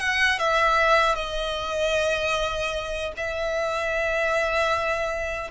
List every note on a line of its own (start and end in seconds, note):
0.00 0.39 F#5
0.39 1.16 E5
1.16 3.13 D#5
3.17 5.51 E5